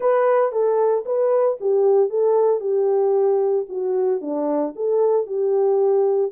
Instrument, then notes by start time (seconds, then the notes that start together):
horn
0.00 B4
0.51 A4
1.05 B4
1.60 G4
2.09 A4
2.60 G4
3.68 F#4
4.21 D4
4.75 A4
5.26 G4